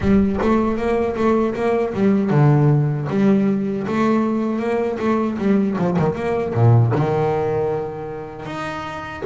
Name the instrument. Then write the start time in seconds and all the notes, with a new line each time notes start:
double bass
0.00 G3
0.41 A3
0.77 A#3
1.16 A3
1.55 A#3
1.93 G3
2.30 D3
3.09 G3
3.87 A3
4.59 A#3
4.99 A3
5.38 G3
5.78 F3
5.98 D#3
6.15 A#3
6.53 A#2
6.94 D#3
8.45 D#4